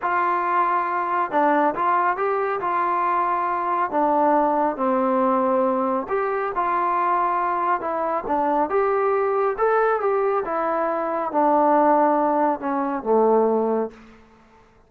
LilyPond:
\new Staff \with { instrumentName = "trombone" } { \time 4/4 \tempo 4 = 138 f'2. d'4 | f'4 g'4 f'2~ | f'4 d'2 c'4~ | c'2 g'4 f'4~ |
f'2 e'4 d'4 | g'2 a'4 g'4 | e'2 d'2~ | d'4 cis'4 a2 | }